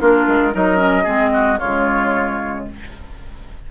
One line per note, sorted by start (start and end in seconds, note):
0.00 0.27 A#3
0.00 0.52 D4
0.00 0.53 F4
0.00 0.55 A#4
0.27 0.54 G#3
0.52 1.06 F#3
0.52 0.76 D#4
0.52 1.03 A#4
0.52 1.59 D#5
0.76 1.03 C#4
1.03 1.59 G#3
1.03 1.58 C4
1.03 1.30 G#4
1.33 1.58 F#4
1.58 2.68 C#3
1.58 2.64 F4
1.58 2.65 C#5
1.65 2.71 G#3